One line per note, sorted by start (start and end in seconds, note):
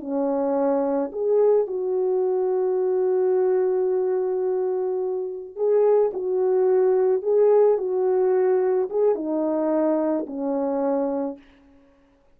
0.00 1.11 C#4
1.12 1.67 G#4
1.67 5.56 F#4
5.56 6.11 G#4
6.13 7.22 F#4
7.22 7.78 G#4
7.78 8.89 F#4
8.90 9.15 G#4
9.15 10.26 D#4
10.26 11.37 C#4